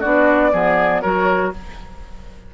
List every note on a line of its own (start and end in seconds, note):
0.00 0.53 B3
0.00 0.52 D4
0.00 0.50 F#4
0.00 1.01 D5
0.52 1.03 F3
0.52 1.02 B3
0.52 1.02 G#4
1.01 1.54 F#3
1.01 1.53 F#4
1.01 1.52 A#4
1.01 1.51 C#5